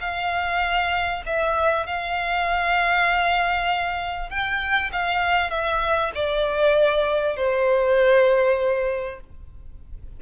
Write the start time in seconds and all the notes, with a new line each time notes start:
0.00 F5
1.26 E5
1.86 F5
4.29 G5
4.92 F5
5.50 E5
6.14 D5
7.36 C5